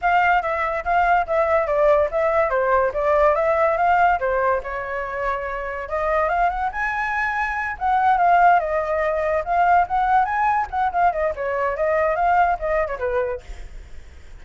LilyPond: \new Staff \with { instrumentName = "flute" } { \time 4/4 \tempo 4 = 143 f''4 e''4 f''4 e''4 | d''4 e''4 c''4 d''4 | e''4 f''4 c''4 cis''4~ | cis''2 dis''4 f''8 fis''8 |
gis''2~ gis''8 fis''4 f''8~ | f''8 dis''2 f''4 fis''8~ | fis''8 gis''4 fis''8 f''8 dis''8 cis''4 | dis''4 f''4 dis''8. cis''16 b'4 | }